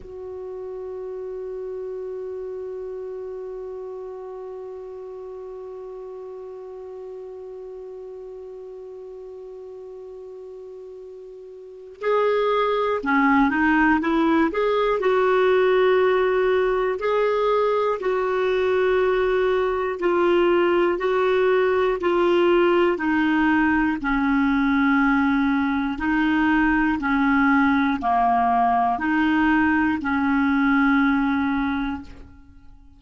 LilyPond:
\new Staff \with { instrumentName = "clarinet" } { \time 4/4 \tempo 4 = 60 fis'1~ | fis'1~ | fis'1 | gis'4 cis'8 dis'8 e'8 gis'8 fis'4~ |
fis'4 gis'4 fis'2 | f'4 fis'4 f'4 dis'4 | cis'2 dis'4 cis'4 | ais4 dis'4 cis'2 | }